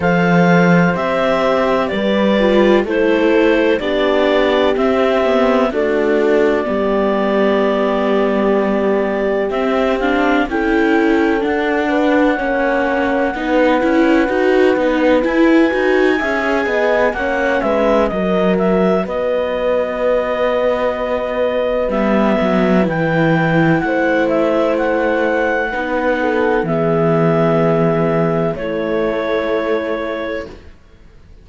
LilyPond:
<<
  \new Staff \with { instrumentName = "clarinet" } { \time 4/4 \tempo 4 = 63 f''4 e''4 d''4 c''4 | d''4 e''4 d''2~ | d''2 e''8 f''8 g''4 | fis''1 |
gis''2 fis''8 e''8 dis''8 e''8 | dis''2. e''4 | g''4 fis''8 e''8 fis''2 | e''2 cis''2 | }
  \new Staff \with { instrumentName = "horn" } { \time 4/4 c''2 b'4 a'4 | g'2 fis'4 g'4~ | g'2. a'4~ | a'8 b'8 cis''4 b'2~ |
b'4 e''8 dis''8 cis''8 b'8 ais'4 | b'1~ | b'4 c''2 b'8 a'8 | gis'2 e'2 | }
  \new Staff \with { instrumentName = "viola" } { \time 4/4 a'4 g'4. f'8 e'4 | d'4 c'8 b8 a4 b4~ | b2 c'8 d'8 e'4 | d'4 cis'4 dis'8 e'8 fis'8 dis'8 |
e'8 fis'8 gis'4 cis'4 fis'4~ | fis'2. b4 | e'2. dis'4 | b2 a2 | }
  \new Staff \with { instrumentName = "cello" } { \time 4/4 f4 c'4 g4 a4 | b4 c'4 d'4 g4~ | g2 c'4 cis'4 | d'4 ais4 b8 cis'8 dis'8 b8 |
e'8 dis'8 cis'8 b8 ais8 gis8 fis4 | b2. g8 fis8 | e4 a2 b4 | e2 a2 | }
>>